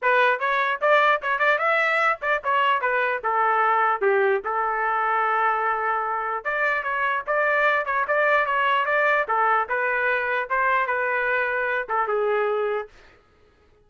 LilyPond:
\new Staff \with { instrumentName = "trumpet" } { \time 4/4 \tempo 4 = 149 b'4 cis''4 d''4 cis''8 d''8 | e''4. d''8 cis''4 b'4 | a'2 g'4 a'4~ | a'1 |
d''4 cis''4 d''4. cis''8 | d''4 cis''4 d''4 a'4 | b'2 c''4 b'4~ | b'4. a'8 gis'2 | }